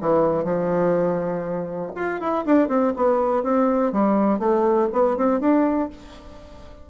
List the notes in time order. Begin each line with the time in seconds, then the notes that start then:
0.00 E3
0.44 F3
1.95 F4
2.20 E4
2.45 D4
2.68 C4
2.96 B3
3.42 C4
3.92 G3
4.39 A3
4.92 B3
5.17 C4
5.40 D4